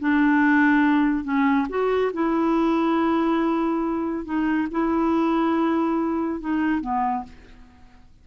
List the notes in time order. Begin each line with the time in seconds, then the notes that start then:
0.00 D4
1.24 C#4
1.69 F#4
2.13 E4
4.25 D#4
4.71 E4
6.41 D#4
6.81 B3